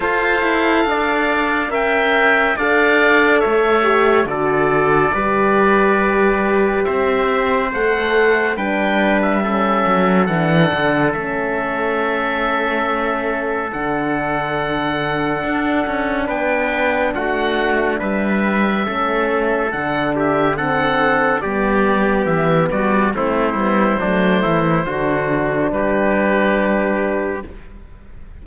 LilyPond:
<<
  \new Staff \with { instrumentName = "oboe" } { \time 4/4 \tempo 4 = 70 f''2 g''4 f''4 | e''4 d''2. | e''4 fis''4 g''8. e''4~ e''16 | fis''4 e''2. |
fis''2. g''4 | fis''4 e''2 fis''8 e''8 | fis''4 d''4 e''8 d''8 c''4~ | c''2 b'2 | }
  \new Staff \with { instrumentName = "trumpet" } { \time 4/4 c''4 d''4 e''4 d''4 | cis''4 a'4 b'2 | c''2 b'4 a'4~ | a'1~ |
a'2. b'4 | fis'4 b'4 a'4. g'8 | a'4 g'4. fis'8 e'4 | d'8 e'8 fis'4 g'2 | }
  \new Staff \with { instrumentName = "horn" } { \time 4/4 a'2 ais'4 a'4~ | a'8 g'8 fis'4 g'2~ | g'4 a'4 d'4 cis'4 | d'4 cis'2. |
d'1~ | d'2 cis'4 d'4 | c'4 b2 c'8 b8 | a4 d'2. | }
  \new Staff \with { instrumentName = "cello" } { \time 4/4 f'8 e'8 d'4 cis'4 d'4 | a4 d4 g2 | c'4 a4 g4. fis8 | e8 d8 a2. |
d2 d'8 cis'8 b4 | a4 g4 a4 d4~ | d4 g4 e8 g8 a8 g8 | fis8 e8 d4 g2 | }
>>